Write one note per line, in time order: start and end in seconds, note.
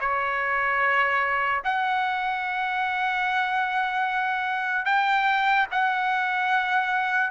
0.00 1.62 C#5
1.64 4.85 F#5
4.85 5.66 G5
5.71 7.31 F#5